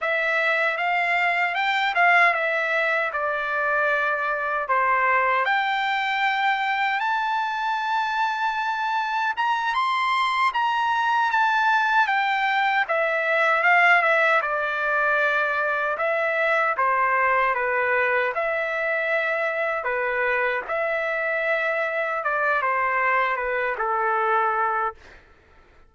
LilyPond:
\new Staff \with { instrumentName = "trumpet" } { \time 4/4 \tempo 4 = 77 e''4 f''4 g''8 f''8 e''4 | d''2 c''4 g''4~ | g''4 a''2. | ais''8 c'''4 ais''4 a''4 g''8~ |
g''8 e''4 f''8 e''8 d''4.~ | d''8 e''4 c''4 b'4 e''8~ | e''4. b'4 e''4.~ | e''8 d''8 c''4 b'8 a'4. | }